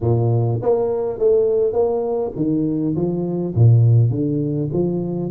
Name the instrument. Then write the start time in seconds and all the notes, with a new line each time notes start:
tuba
0.00 A#2
0.61 A#3
1.18 A3
1.72 A#3
2.36 D#3
2.95 F3
3.55 A#2
4.10 D3
4.72 F3